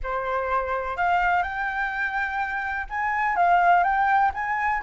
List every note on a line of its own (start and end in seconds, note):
0.03 0.96 C5
0.96 1.42 F5
1.42 2.86 G5
2.89 3.36 G#5
3.36 3.83 F5
3.83 4.31 G5
4.34 4.82 G#5